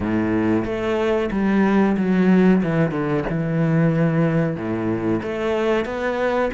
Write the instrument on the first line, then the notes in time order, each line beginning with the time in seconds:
cello
0.00 A2
0.65 A3
1.31 G3
1.97 F#3
2.62 E3
2.91 D3
3.29 E3
4.56 A2
5.22 A3
5.85 B3